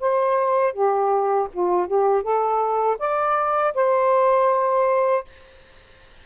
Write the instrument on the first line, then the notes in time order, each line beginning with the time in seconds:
saxophone
0.00 C5
0.73 G4
1.53 F4
1.88 G4
2.23 A4
2.99 D5
3.75 C5